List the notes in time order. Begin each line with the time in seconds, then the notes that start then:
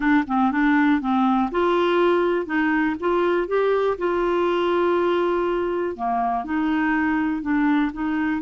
0.00 D4
0.27 C4
0.51 D4
1.00 C4
1.51 F4
2.46 D#4
3.00 F4
3.47 G4
3.98 F4
5.95 A#3
6.44 D#4
7.42 D4
7.92 D#4